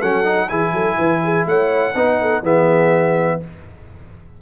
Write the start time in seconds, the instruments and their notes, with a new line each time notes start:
0.00 tuba F#3, trombone C#4, horn A4, trumpet F#5
0.24 trombone D#4
0.49 tuba E3, trombone E4, horn G#4, trumpet G#5
0.72 tuba F#3, horn A4
0.98 tuba E3, horn B4
1.24 horn G#4
1.46 tuba A3, horn C#5, trumpet F#5
1.95 tuba B3, trombone D#4, horn B4
2.21 horn A4
2.42 tuba E3, trombone B3, horn G#4, trumpet E5